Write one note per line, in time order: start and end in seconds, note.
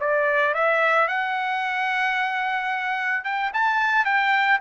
0.00 0.54 D5
0.54 1.08 E5
1.08 3.24 F#5
3.24 3.51 G5
3.53 4.05 A5
4.05 4.59 G5